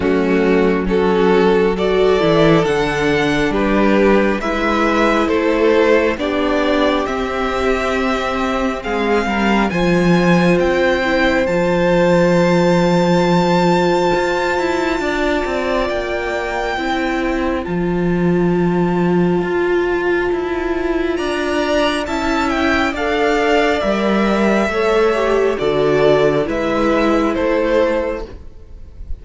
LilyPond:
<<
  \new Staff \with { instrumentName = "violin" } { \time 4/4 \tempo 4 = 68 fis'4 a'4 d''4 fis''4 | b'4 e''4 c''4 d''4 | e''2 f''4 gis''4 | g''4 a''2.~ |
a''2 g''2 | a''1 | ais''4 a''8 g''8 f''4 e''4~ | e''4 d''4 e''4 c''4 | }
  \new Staff \with { instrumentName = "violin" } { \time 4/4 cis'4 fis'4 a'2 | g'4 b'4 a'4 g'4~ | g'2 gis'8 ais'8 c''4~ | c''1~ |
c''4 d''2 c''4~ | c''1 | d''4 e''4 d''2 | cis''4 a'4 b'4 a'4 | }
  \new Staff \with { instrumentName = "viola" } { \time 4/4 a4 cis'4 fis'8 e'8 d'4~ | d'4 e'2 d'4 | c'2. f'4~ | f'8 e'8 f'2.~ |
f'2. e'4 | f'1~ | f'4 e'4 a'4 ais'4 | a'8 g'8 fis'4 e'2 | }
  \new Staff \with { instrumentName = "cello" } { \time 4/4 fis2~ fis8 e8 d4 | g4 gis4 a4 b4 | c'2 gis8 g8 f4 | c'4 f2. |
f'8 e'8 d'8 c'8 ais4 c'4 | f2 f'4 e'4 | d'4 cis'4 d'4 g4 | a4 d4 gis4 a4 | }
>>